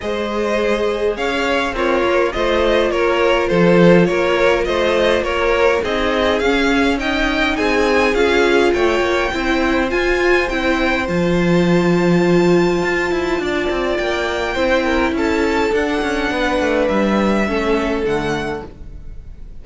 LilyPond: <<
  \new Staff \with { instrumentName = "violin" } { \time 4/4 \tempo 4 = 103 dis''2 f''4 cis''4 | dis''4 cis''4 c''4 cis''4 | dis''4 cis''4 dis''4 f''4 | g''4 gis''4 f''4 g''4~ |
g''4 gis''4 g''4 a''4~ | a''1 | g''2 a''4 fis''4~ | fis''4 e''2 fis''4 | }
  \new Staff \with { instrumentName = "violin" } { \time 4/4 c''2 cis''4 f'4 | c''4 ais'4 a'4 ais'4 | c''4 ais'4 gis'2 | dis''4 gis'2 cis''4 |
c''1~ | c''2. d''4~ | d''4 c''8 ais'8 a'2 | b'2 a'2 | }
  \new Staff \with { instrumentName = "viola" } { \time 4/4 gis'2. ais'4 | f'1~ | f'2 dis'4 cis'4 | dis'2 f'2 |
e'4 f'4 e'4 f'4~ | f'1~ | f'4 e'2 d'4~ | d'2 cis'4 a4 | }
  \new Staff \with { instrumentName = "cello" } { \time 4/4 gis2 cis'4 c'8 ais8 | a4 ais4 f4 ais4 | a4 ais4 c'4 cis'4~ | cis'4 c'4 cis'4 a8 ais8 |
c'4 f'4 c'4 f4~ | f2 f'8 e'8 d'8 c'8 | ais4 c'4 cis'4 d'8 cis'8 | b8 a8 g4 a4 d4 | }
>>